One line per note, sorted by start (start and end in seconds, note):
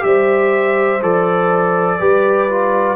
0.00 1.03 G3
0.00 0.98 G4
0.00 2.00 C5
0.00 1.02 E5
1.03 2.01 F3
1.03 2.00 A4
1.03 2.97 D5
2.00 2.97 G3
2.00 2.49 G4
2.00 2.97 B4
2.49 2.97 F4